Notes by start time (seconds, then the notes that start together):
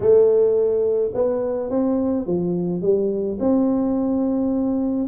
0.00 A3
1.14 B3
1.70 C4
2.26 F3
2.81 G3
3.39 C4